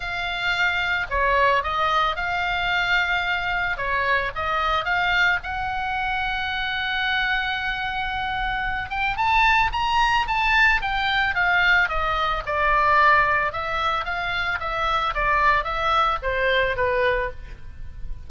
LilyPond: \new Staff \with { instrumentName = "oboe" } { \time 4/4 \tempo 4 = 111 f''2 cis''4 dis''4 | f''2. cis''4 | dis''4 f''4 fis''2~ | fis''1~ |
fis''8 g''8 a''4 ais''4 a''4 | g''4 f''4 dis''4 d''4~ | d''4 e''4 f''4 e''4 | d''4 e''4 c''4 b'4 | }